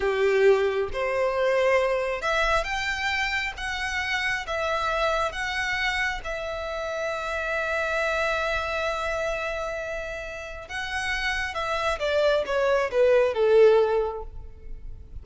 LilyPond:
\new Staff \with { instrumentName = "violin" } { \time 4/4 \tempo 4 = 135 g'2 c''2~ | c''4 e''4 g''2 | fis''2 e''2 | fis''2 e''2~ |
e''1~ | e''1 | fis''2 e''4 d''4 | cis''4 b'4 a'2 | }